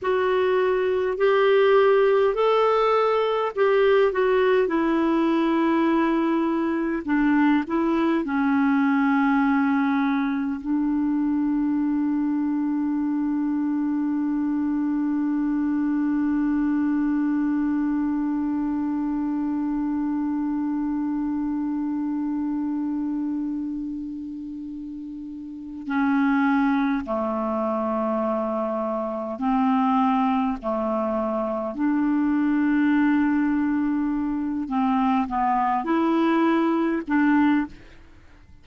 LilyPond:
\new Staff \with { instrumentName = "clarinet" } { \time 4/4 \tempo 4 = 51 fis'4 g'4 a'4 g'8 fis'8 | e'2 d'8 e'8 cis'4~ | cis'4 d'2.~ | d'1~ |
d'1~ | d'2 cis'4 a4~ | a4 c'4 a4 d'4~ | d'4. c'8 b8 e'4 d'8 | }